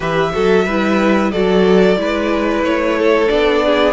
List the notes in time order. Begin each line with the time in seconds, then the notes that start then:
0.00 E3 G4 B4 E5
0.33 F#3 F#4 A4
0.65 G3 E4 B4
1.31 F#3 F#4 A4 D5
1.96 G#3 E4 B4
2.62 A3 C#5
2.98 A4
3.27 B3 D4 D5
3.65 G#4